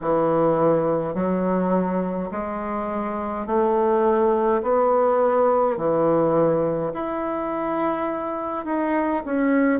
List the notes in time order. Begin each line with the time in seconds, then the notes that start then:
0.01 E3
1.14 F#3
2.31 G#3
3.46 A3
4.62 B3
5.77 E3
6.93 E4
8.65 D#4
9.25 C#4